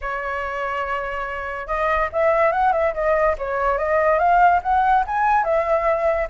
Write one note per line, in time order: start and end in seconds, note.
0.01 1.67 C#5
1.67 2.09 D#5
2.12 2.52 E5
2.52 2.72 F#5
2.72 2.93 E5
2.94 3.36 D#5
3.37 3.77 C#5
3.77 4.18 D#5
4.18 4.60 F5
4.62 5.04 F#5
5.06 5.44 G#5
5.44 6.27 E5